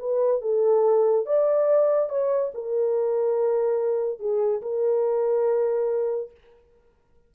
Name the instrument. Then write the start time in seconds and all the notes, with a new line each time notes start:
horn
0.00 B4
0.42 A4
1.26 D5
2.10 C#5
2.55 A#4
4.20 G#4
4.62 A#4